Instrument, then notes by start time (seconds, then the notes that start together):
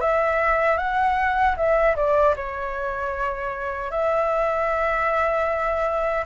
flute
0.00 E5
0.78 F#5
1.57 E5
1.96 D5
2.36 C#5
3.91 E5